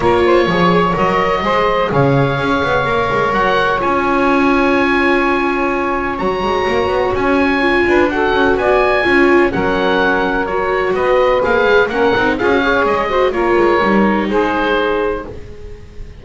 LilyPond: <<
  \new Staff \with { instrumentName = "oboe" } { \time 4/4 \tempo 4 = 126 cis''2 dis''2 | f''2. fis''4 | gis''1~ | gis''4 ais''2 gis''4~ |
gis''4 fis''4 gis''2 | fis''2 cis''4 dis''4 | f''4 fis''4 f''4 dis''4 | cis''2 c''2 | }
  \new Staff \with { instrumentName = "saxophone" } { \time 4/4 ais'8 c''8 cis''2 c''4 | cis''1~ | cis''1~ | cis''1~ |
cis''8 b'8 a'4 d''4 cis''4 | ais'2. b'4~ | b'4 ais'4 gis'8 cis''4 c''8 | ais'2 gis'2 | }
  \new Staff \with { instrumentName = "viola" } { \time 4/4 f'4 gis'4 ais'4 gis'4~ | gis'2 ais'2 | f'1~ | f'4 fis'2. |
f'4 fis'2 f'4 | cis'2 fis'2 | gis'4 cis'8 dis'8 f'16 fis'16 gis'4 fis'8 | f'4 dis'2. | }
  \new Staff \with { instrumentName = "double bass" } { \time 4/4 ais4 f4 fis4 gis4 | cis4 cis'8 b8 ais8 gis8 fis4 | cis'1~ | cis'4 fis8 gis8 ais8 b8 cis'4~ |
cis'8 d'4 cis'8 b4 cis'4 | fis2. b4 | ais8 gis8 ais8 c'8 cis'4 gis4 | ais8 gis8 g4 gis2 | }
>>